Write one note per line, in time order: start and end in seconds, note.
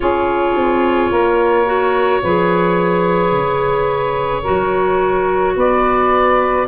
0.00 0.55 C#4
0.00 1.66 F4
0.00 1.10 G#4
0.00 5.55 C#5
0.55 1.11 C4
1.10 2.22 A#3
1.10 2.21 A#4
1.66 2.21 F#4
2.22 3.31 F3
2.22 4.44 G#4
2.22 4.42 B4
3.31 4.42 C#3
4.42 6.66 F#4
4.42 5.53 A#4
4.48 5.56 F#3
5.56 6.67 B3
5.56 6.67 B4
5.56 6.68 D5